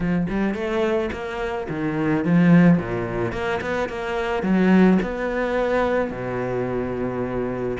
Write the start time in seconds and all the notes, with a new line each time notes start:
0.00 F3
0.29 G3
0.54 A3
1.12 A#3
1.69 D#3
2.24 F3
2.78 A#2
3.32 A#3
3.61 B3
3.88 A#3
4.42 F#3
5.02 B3
6.10 B2